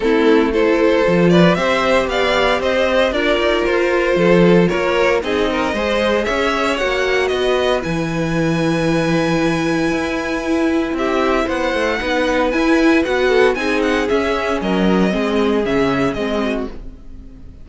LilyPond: <<
  \new Staff \with { instrumentName = "violin" } { \time 4/4 \tempo 4 = 115 a'4 c''4. d''8 e''4 | f''4 dis''4 d''4 c''4~ | c''4 cis''4 dis''2 | e''4 fis''4 dis''4 gis''4~ |
gis''1~ | gis''4 e''4 fis''2 | gis''4 fis''4 gis''8 fis''8 e''4 | dis''2 e''4 dis''4 | }
  \new Staff \with { instrumentName = "violin" } { \time 4/4 e'4 a'4. b'8 c''4 | d''4 c''4 ais'2 | a'4 ais'4 gis'8 ais'8 c''4 | cis''2 b'2~ |
b'1~ | b'4 g'4 c''4 b'4~ | b'4. a'8 gis'2 | ais'4 gis'2~ gis'8 fis'8 | }
  \new Staff \with { instrumentName = "viola" } { \time 4/4 c'4 e'4 f'4 g'4~ | g'2 f'2~ | f'2 dis'4 gis'4~ | gis'4 fis'2 e'4~ |
e'1~ | e'2. dis'4 | e'4 fis'4 dis'4 cis'4~ | cis'4 c'4 cis'4 c'4 | }
  \new Staff \with { instrumentName = "cello" } { \time 4/4 a2 f4 c'4 | b4 c'4 d'8 dis'8 f'4 | f4 ais4 c'4 gis4 | cis'4 ais4 b4 e4~ |
e2. e'4~ | e'4 c'4 b8 a8 b4 | e'4 b4 c'4 cis'4 | fis4 gis4 cis4 gis4 | }
>>